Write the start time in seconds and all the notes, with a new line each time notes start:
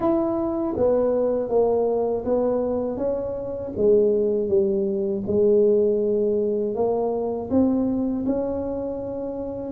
0.00 E4
0.76 B3
1.49 A#3
2.25 B3
2.97 C#4
3.77 G#3
4.48 G3
5.26 G#3
6.74 A#3
7.50 C4
8.26 C#4